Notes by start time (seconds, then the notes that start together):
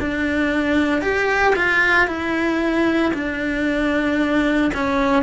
0.00 D4
1.02 G4
1.56 F4
2.07 E4
3.14 D4
4.74 C#4